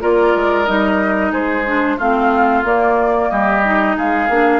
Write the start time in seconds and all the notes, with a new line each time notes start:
0.00 A#3 F4 A#4 D5
0.36 G#3
0.66 G3 D#4 D#5
1.32 G#3 G#4 C5
1.66 D4
1.97 A3 C4 F4 F5
2.64 A#3 D5
3.30 G3 G4 D#5
3.64 D#4
3.97 G#3 G#4 F5
4.29 A#3 D4